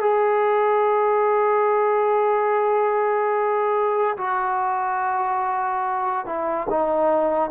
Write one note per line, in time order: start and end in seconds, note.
0.00 4.17 G#4
4.17 6.25 F#4
6.25 6.67 E4
6.69 7.50 D#4